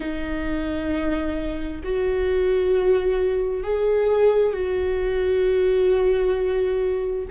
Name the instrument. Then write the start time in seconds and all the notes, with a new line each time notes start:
viola
0.00 D#4
1.83 F#4
3.63 G#4
4.53 F#4